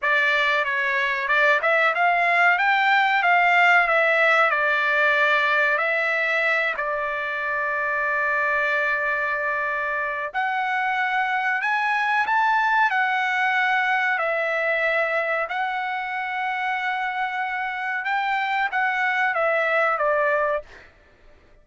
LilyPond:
\new Staff \with { instrumentName = "trumpet" } { \time 4/4 \tempo 4 = 93 d''4 cis''4 d''8 e''8 f''4 | g''4 f''4 e''4 d''4~ | d''4 e''4. d''4.~ | d''1 |
fis''2 gis''4 a''4 | fis''2 e''2 | fis''1 | g''4 fis''4 e''4 d''4 | }